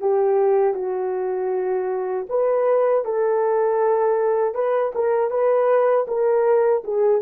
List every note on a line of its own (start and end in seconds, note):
0.00 0.74 G4
0.74 2.25 F#4
2.29 3.04 B4
3.04 4.54 A4
4.54 4.92 B4
4.94 5.30 A#4
5.30 6.06 B4
6.07 6.83 A#4
6.84 7.21 G#4